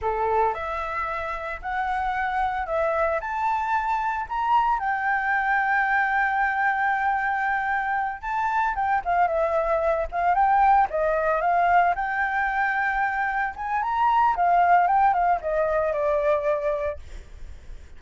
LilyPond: \new Staff \with { instrumentName = "flute" } { \time 4/4 \tempo 4 = 113 a'4 e''2 fis''4~ | fis''4 e''4 a''2 | ais''4 g''2.~ | g''2.~ g''8 a''8~ |
a''8 g''8 f''8 e''4. f''8 g''8~ | g''8 dis''4 f''4 g''4.~ | g''4. gis''8 ais''4 f''4 | g''8 f''8 dis''4 d''2 | }